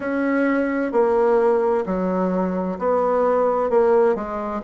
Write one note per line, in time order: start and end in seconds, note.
0.00 0.91 C#4
0.91 1.84 A#3
1.85 2.78 F#3
2.78 3.69 B3
3.69 4.15 A#3
4.15 4.61 G#3